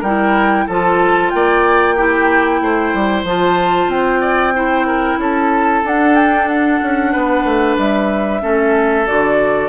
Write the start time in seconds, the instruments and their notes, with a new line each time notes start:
0.00 bassoon G3, clarinet E4, oboe A#4, flute G5
0.67 bassoon F3, clarinet F4, oboe A4, flute A5
1.30 bassoon A#3, oboe D5, flute G5
1.96 clarinet E4, oboe G4
2.61 bassoon A3, oboe C5
2.94 bassoon G3
3.24 bassoon F3, clarinet F4, flute A5
3.88 bassoon C4, flute G5
4.21 oboe D5
4.55 clarinet E4, oboe C5
4.87 oboe A#4
5.18 bassoon C#4, oboe A4, flute A5
5.84 bassoon D4, clarinet D4, flute F#5
6.16 flute G5
6.48 flute F#5
6.82 bassoon C#4
7.12 bassoon B3, oboe B4
7.45 bassoon A3
7.78 bassoon G3, flute E5
8.41 bassoon A3, clarinet C#4, oboe A4
9.06 bassoon D3, clarinet F#4, flute D5